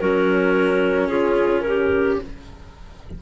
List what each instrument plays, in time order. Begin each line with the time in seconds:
0.00 bassoon F#3, cello C#4, clarinet F#4 A#4
1.08 bassoon C#3, clarinet F4 G#4
1.60 clarinet A#4
1.67 clarinet G4